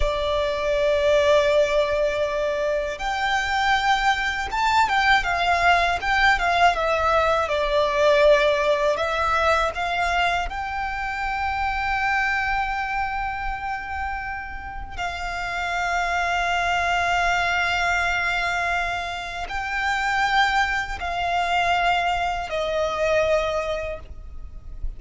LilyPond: \new Staff \with { instrumentName = "violin" } { \time 4/4 \tempo 4 = 80 d''1 | g''2 a''8 g''8 f''4 | g''8 f''8 e''4 d''2 | e''4 f''4 g''2~ |
g''1 | f''1~ | f''2 g''2 | f''2 dis''2 | }